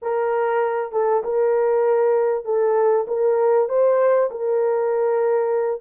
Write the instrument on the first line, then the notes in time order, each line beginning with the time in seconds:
horn
0.01 A#4
0.92 A4
1.23 A#4
2.45 A4
3.07 A#4
3.68 C5
4.31 A#4